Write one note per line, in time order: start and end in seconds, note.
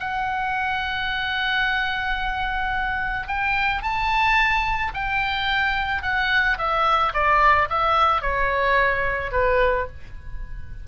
0.00 3.28 F#5
3.28 3.83 G5
3.83 4.93 A5
4.94 6.03 G5
6.03 6.58 F#5
6.58 7.13 E5
7.14 7.69 D5
7.70 8.22 E5
8.22 9.32 C#5
9.32 9.87 B4